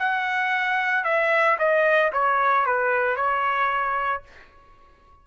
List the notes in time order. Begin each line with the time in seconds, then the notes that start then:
0.00 F#5
1.05 E5
1.59 D#5
2.13 C#5
2.66 B4
3.17 C#5